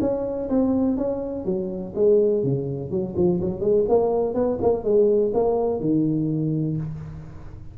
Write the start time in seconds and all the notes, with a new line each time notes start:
0.00 C#4
0.49 C4
0.97 C#4
1.45 F#3
1.95 G#3
2.43 C#3
2.90 F#3
3.16 F3
3.41 F#3
3.60 G#3
3.88 A#3
4.34 B3
4.62 A#3
4.83 G#3
5.33 A#3
5.80 D#3